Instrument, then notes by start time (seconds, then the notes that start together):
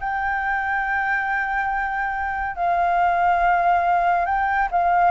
flute
0.00 G5
2.56 F5
4.25 G5
4.71 F5